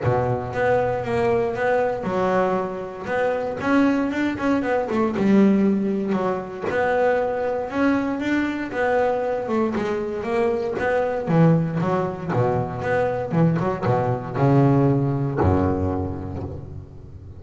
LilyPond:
\new Staff \with { instrumentName = "double bass" } { \time 4/4 \tempo 4 = 117 b,4 b4 ais4 b4 | fis2 b4 cis'4 | d'8 cis'8 b8 a8 g2 | fis4 b2 cis'4 |
d'4 b4. a8 gis4 | ais4 b4 e4 fis4 | b,4 b4 e8 fis8 b,4 | cis2 fis,2 | }